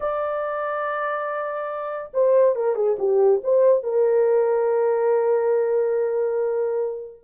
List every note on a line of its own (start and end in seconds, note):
0.00 2.11 D5
2.13 2.55 C5
2.55 2.75 A#4
2.75 2.96 G#4
2.99 3.41 G4
3.43 3.83 C5
3.83 7.23 A#4